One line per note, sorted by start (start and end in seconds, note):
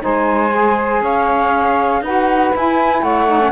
0.00 1.01 G#3
0.00 0.50 D#4
0.00 1.02 C5
0.00 1.04 G#5
0.53 2.03 G#4
1.01 2.01 C#4
1.01 2.02 C#5
1.01 2.04 F5
2.01 2.51 D#4
2.01 2.54 F#4
2.01 3.02 B4
2.01 2.54 F#5
2.54 3.27 E4
2.54 3.02 E4
2.54 3.03 G#5
3.02 3.52 A3
3.02 3.52 C#5
3.02 3.52 F#5
3.27 3.39 D#4
3.39 3.52 C#4